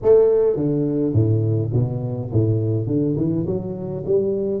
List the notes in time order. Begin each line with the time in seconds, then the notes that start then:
0.02 A3
0.56 D3
1.13 A2
1.73 B2
2.32 A2
2.86 D3
3.17 E3
3.46 F#3
4.06 G3